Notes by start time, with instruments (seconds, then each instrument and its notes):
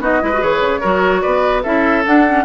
0.00 bassoon B3, clarinet D#4, oboe F#4, flute D#5
0.21 bassoon G#3, clarinet E4, oboe B4
0.33 clarinet F#4
0.40 bassoon E3, clarinet G#4, flute C#5
0.60 bassoon C#3
0.80 bassoon F#3, clarinet F#4, oboe A#4
1.22 bassoon B3, oboe B4, flute D5
1.63 bassoon C#4, clarinet E4, oboe A4, flute E5
2.04 clarinet D4, bassoon D4, flute F#5
2.27 clarinet C#4